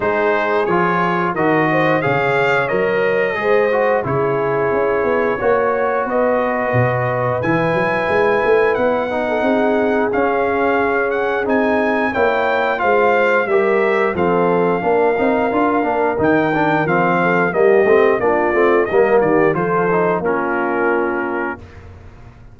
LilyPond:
<<
  \new Staff \with { instrumentName = "trumpet" } { \time 4/4 \tempo 4 = 89 c''4 cis''4 dis''4 f''4 | dis''2 cis''2~ | cis''4 dis''2 gis''4~ | gis''4 fis''2 f''4~ |
f''8 fis''8 gis''4 g''4 f''4 | e''4 f''2. | g''4 f''4 dis''4 d''4 | dis''8 d''8 c''4 ais'2 | }
  \new Staff \with { instrumentName = "horn" } { \time 4/4 gis'2 ais'8 c''8 cis''4~ | cis''4 c''4 gis'2 | cis''4 b'2.~ | b'4.~ b'16 a'16 gis'2~ |
gis'2 cis''4 c''4 | ais'4 a'4 ais'2~ | ais'4. a'8 g'4 f'4 | ais'8 g'8 a'4 f'2 | }
  \new Staff \with { instrumentName = "trombone" } { \time 4/4 dis'4 f'4 fis'4 gis'4 | ais'4 gis'8 fis'8 e'2 | fis'2. e'4~ | e'4. dis'4. cis'4~ |
cis'4 dis'4 e'4 f'4 | g'4 c'4 d'8 dis'8 f'8 d'8 | dis'8 d'8 c'4 ais8 c'8 d'8 c'8 | ais4 f'8 dis'8 cis'2 | }
  \new Staff \with { instrumentName = "tuba" } { \time 4/4 gis4 f4 dis4 cis4 | fis4 gis4 cis4 cis'8 b8 | ais4 b4 b,4 e8 fis8 | gis8 a8 b4 c'4 cis'4~ |
cis'4 c'4 ais4 gis4 | g4 f4 ais8 c'8 d'8 ais8 | dis4 f4 g8 a8 ais8 a8 | g8 dis8 f4 ais2 | }
>>